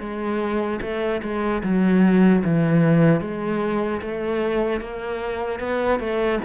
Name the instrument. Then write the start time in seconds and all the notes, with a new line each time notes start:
cello
0.00 G#3
0.82 A3
1.23 G#3
1.63 F#3
2.45 E3
3.21 G#3
4.02 A3
4.81 A#3
5.60 B3
6.00 A3